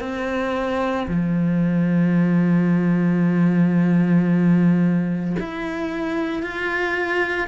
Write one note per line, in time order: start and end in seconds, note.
0.00 1.07 C4
1.08 5.36 F3
5.40 6.42 E4
6.42 7.48 F4